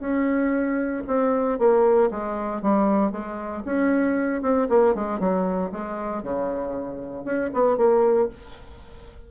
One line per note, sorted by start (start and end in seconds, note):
0.00 1.03 C#4
1.08 1.59 C4
1.59 2.11 A#3
2.11 2.62 G#3
2.62 3.12 G3
3.12 3.63 G#3
3.66 4.42 C#4
4.42 4.68 C4
4.70 4.95 A#3
4.95 5.20 G#3
5.20 5.72 F#3
5.72 6.23 G#3
6.23 7.25 C#3
7.25 7.51 C#4
7.54 7.78 B3
7.78 8.29 A#3